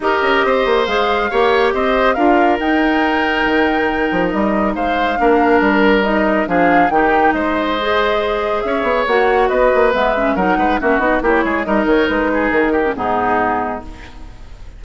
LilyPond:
<<
  \new Staff \with { instrumentName = "flute" } { \time 4/4 \tempo 4 = 139 dis''2 f''2 | dis''4 f''4 g''2~ | g''2 dis''4 f''4~ | f''4 ais'4 dis''4 f''4 |
g''4 dis''2. | e''4 fis''4 dis''4 e''4 | fis''4 e''8 dis''8 cis''4 dis''8 cis''8 | b'4 ais'4 gis'2 | }
  \new Staff \with { instrumentName = "oboe" } { \time 4/4 ais'4 c''2 cis''4 | c''4 ais'2.~ | ais'2. c''4 | ais'2. gis'4 |
g'4 c''2. | cis''2 b'2 | ais'8 b'8 fis'4 g'8 gis'8 ais'4~ | ais'8 gis'4 g'8 dis'2 | }
  \new Staff \with { instrumentName = "clarinet" } { \time 4/4 g'2 gis'4 g'4~ | g'4 f'4 dis'2~ | dis'1 | d'2 dis'4 d'4 |
dis'2 gis'2~ | gis'4 fis'2 b8 cis'8 | dis'4 cis'8 dis'8 e'4 dis'4~ | dis'4.~ dis'16 cis'16 b2 | }
  \new Staff \with { instrumentName = "bassoon" } { \time 4/4 dis'8 cis'8 c'8 ais8 gis4 ais4 | c'4 d'4 dis'2 | dis4. f8 g4 gis4 | ais4 g2 f4 |
dis4 gis2. | cis'8 b8 ais4 b8 ais8 gis4 | fis8 gis8 ais8 b8 ais8 gis8 g8 dis8 | gis4 dis4 gis,2 | }
>>